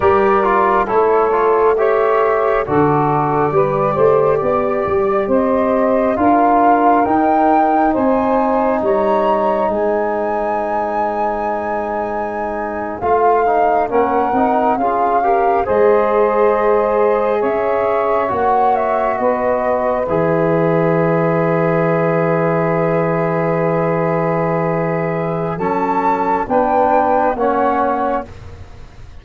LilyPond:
<<
  \new Staff \with { instrumentName = "flute" } { \time 4/4 \tempo 4 = 68 d''4 cis''4 e''4 d''4~ | d''2 dis''4 f''4 | g''4 gis''4 ais''4 gis''4~ | gis''2~ gis''8. f''4 fis''16~ |
fis''8. f''4 dis''2 e''16~ | e''8. fis''8 e''8 dis''4 e''4~ e''16~ | e''1~ | e''4 a''4 g''4 fis''4 | }
  \new Staff \with { instrumentName = "saxophone" } { \time 4/4 ais'4 a'4 cis''4 a'4 | b'8 c''8 d''4 c''4 ais'4~ | ais'4 c''4 cis''4 c''4~ | c''2.~ c''8. ais'16~ |
ais'8. gis'8 ais'8 c''2 cis''16~ | cis''4.~ cis''16 b'2~ b'16~ | b'1~ | b'4 a'4 b'4 cis''4 | }
  \new Staff \with { instrumentName = "trombone" } { \time 4/4 g'8 f'8 e'8 f'8 g'4 fis'4 | g'2. f'4 | dis'1~ | dis'2~ dis'8. f'8 dis'8 cis'16~ |
cis'16 dis'8 f'8 g'8 gis'2~ gis'16~ | gis'8. fis'2 gis'4~ gis'16~ | gis'1~ | gis'4 cis'4 d'4 cis'4 | }
  \new Staff \with { instrumentName = "tuba" } { \time 4/4 g4 a2 d4 | g8 a8 b8 g8 c'4 d'4 | dis'4 c'4 g4 gis4~ | gis2~ gis8. a4 ais16~ |
ais16 c'8 cis'4 gis2 cis'16~ | cis'8. ais4 b4 e4~ e16~ | e1~ | e4 fis4 b4 ais4 | }
>>